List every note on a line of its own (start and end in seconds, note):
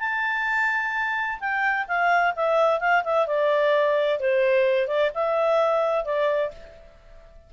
0.00 1.40 A5
1.40 1.87 G5
1.88 2.34 F5
2.36 2.80 E5
2.80 3.04 F5
3.04 3.27 E5
3.27 4.20 D5
4.20 4.88 C5
4.88 5.11 D5
5.15 6.05 E5
6.05 6.52 D5